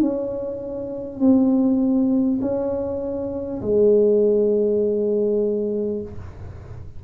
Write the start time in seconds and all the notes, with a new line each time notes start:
0.00 C#4
1.19 C4
2.41 C#4
3.62 G#3